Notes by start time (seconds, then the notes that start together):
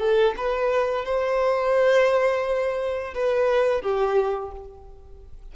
0.00 A4
0.37 B4
1.06 C5
3.15 B4
3.82 G4